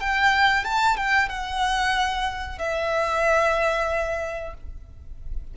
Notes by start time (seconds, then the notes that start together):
0.00 G5
0.64 A5
0.97 G5
1.29 F#5
2.58 E5